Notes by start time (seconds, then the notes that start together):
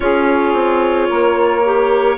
0.00 C#4 F4 G#4 C#5
0.53 C4
1.09 A#3 A#4
1.64 G4